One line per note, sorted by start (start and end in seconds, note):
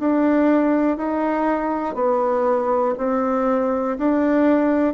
0.00 0.97 D4
0.97 1.95 D#4
1.95 2.95 B3
2.98 3.98 C4
3.98 4.95 D4